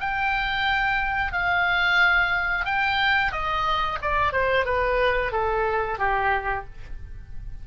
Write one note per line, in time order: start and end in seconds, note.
0.00 1.32 G5
1.32 2.65 F5
2.65 3.32 G5
3.32 3.98 D#5
4.02 4.32 D5
4.32 4.65 C5
4.65 5.32 B4
5.32 5.98 A4
5.98 6.65 G4